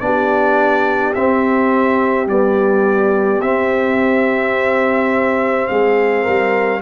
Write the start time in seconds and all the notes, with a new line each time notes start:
0.00 B3 D4 G4 D5
1.14 C4 E5
2.27 G3 B3 D5
3.41 C4 E5
5.68 G#3 G#4 F5
6.23 G3 A#4